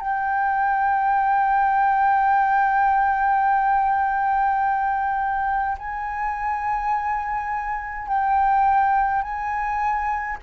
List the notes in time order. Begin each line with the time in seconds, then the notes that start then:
0.00 G5
5.78 G#5
8.08 G5
9.22 G#5